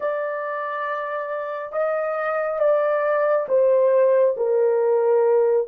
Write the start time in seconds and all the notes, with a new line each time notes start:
0.00 D5
1.72 D#5
2.59 D5
3.48 C5
4.37 A#4